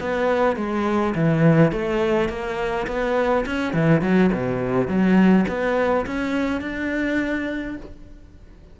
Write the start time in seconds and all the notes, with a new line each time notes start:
0.00 B3
0.56 G#3
1.15 E3
1.72 A3
2.29 A#3
2.87 B3
3.46 C#4
3.73 E3
4.01 F#3
4.32 B2
4.87 F#3
5.48 B3
6.06 C#4
6.61 D4